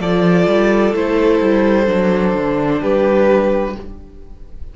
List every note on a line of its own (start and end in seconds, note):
0.00 0.47 F3
0.00 0.95 F4
0.00 2.80 A4
0.00 0.95 D5
0.47 0.94 G3
0.94 1.41 A3
0.94 1.86 E4
0.94 2.83 C5
1.41 1.88 G3
1.86 2.35 F#3
1.86 3.74 D4
2.35 2.82 D3
2.80 3.76 G3
2.80 3.74 G4
2.80 3.77 B4